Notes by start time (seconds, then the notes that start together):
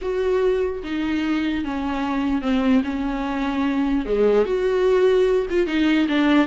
0.01 F#4
0.83 D#4
1.64 C#4
2.41 C4
2.83 C#4
4.05 G#3
4.45 F#4
5.50 F4
5.66 D#4
6.08 D4